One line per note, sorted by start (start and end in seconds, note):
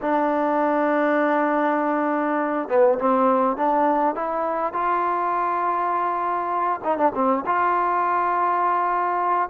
0.01 2.68 D4
2.68 2.98 B3
2.99 3.56 C4
3.56 4.15 D4
4.15 4.73 E4
4.73 6.80 F4
6.84 6.97 D#4
6.97 7.12 D4
7.14 7.44 C4
7.46 9.49 F4